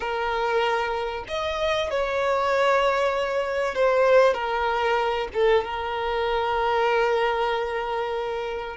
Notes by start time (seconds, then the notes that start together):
0.00 A#4
1.28 D#5
1.90 C#5
3.74 C5
4.34 A#4
5.33 A4
5.64 A#4